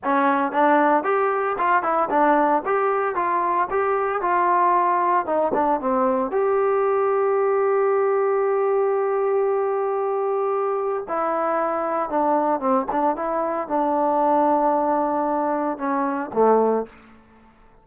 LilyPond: \new Staff \with { instrumentName = "trombone" } { \time 4/4 \tempo 4 = 114 cis'4 d'4 g'4 f'8 e'8 | d'4 g'4 f'4 g'4 | f'2 dis'8 d'8 c'4 | g'1~ |
g'1~ | g'4 e'2 d'4 | c'8 d'8 e'4 d'2~ | d'2 cis'4 a4 | }